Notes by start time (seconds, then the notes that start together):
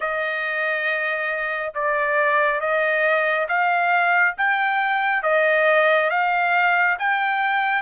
0.00 D#5
1.74 D5
2.60 D#5
3.48 F5
4.37 G5
5.23 D#5
6.10 F5
6.98 G5